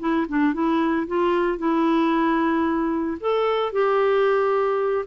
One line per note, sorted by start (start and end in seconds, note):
0.00 0.27 E4
0.28 0.54 D4
0.54 1.07 E4
1.08 1.59 F4
1.59 3.18 E4
3.21 3.73 A4
3.73 5.05 G4